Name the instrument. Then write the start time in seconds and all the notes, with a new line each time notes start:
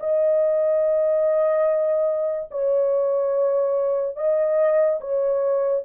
horn
0.00 D#5
2.51 C#5
4.16 D#5
5.00 C#5